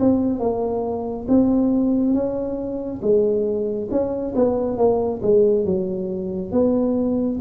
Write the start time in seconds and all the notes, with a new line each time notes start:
0.00 C4
0.40 A#3
1.28 C4
2.14 C#4
3.02 G#3
3.91 C#4
4.36 B3
4.77 A#3
5.23 G#3
5.65 F#3
6.52 B3